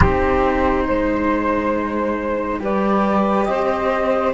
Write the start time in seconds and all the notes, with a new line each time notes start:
0.00 C4 D#4 G4 C5
0.87 G#3 C5
2.60 G3 G4 B4 D5
3.44 C4 C5 D#5